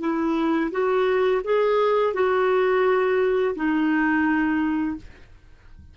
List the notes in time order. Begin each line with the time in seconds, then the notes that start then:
0.00 E4
0.71 F#4
1.44 G#4
2.14 F#4
3.55 D#4